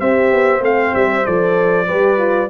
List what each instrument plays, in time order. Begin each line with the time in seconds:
0.00 tuba C4, horn G4 C5, trumpet E5
0.31 tuba B3
0.60 tuba A3, horn C4, trumpet F5
0.95 tuba G3, trumpet E5
1.25 tuba F3, horn A4, trumpet D5
1.88 tuba G3, horn G4 B4
2.18 horn F4